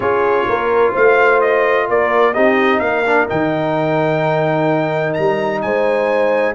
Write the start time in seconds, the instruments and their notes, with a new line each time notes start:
0.00 tuba C#4, trombone F4, horn G#4, trumpet C#5
0.47 tuba A#3, horn A#4
0.92 tuba A3, horn C5, trumpet F5
1.41 trumpet D#5
1.88 tuba A#3, horn A#4, trumpet D5
2.33 tuba C4, trombone D#4, horn G4, trumpet D#5
2.79 tuba A#3, horn A#4, trumpet F5
3.05 trombone D4
3.28 tuba D#3, trombone D#4, trumpet G5
5.13 tuba G3, trumpet A#5
5.61 tuba G#3, horn C5, trumpet G#5